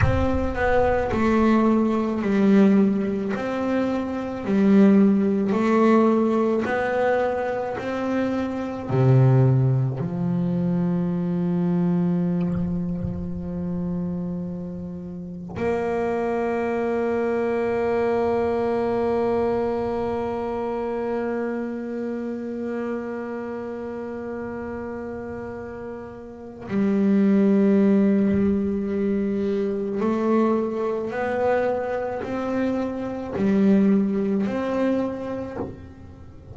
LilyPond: \new Staff \with { instrumentName = "double bass" } { \time 4/4 \tempo 4 = 54 c'8 b8 a4 g4 c'4 | g4 a4 b4 c'4 | c4 f2.~ | f2 ais2~ |
ais1~ | ais1 | g2. a4 | b4 c'4 g4 c'4 | }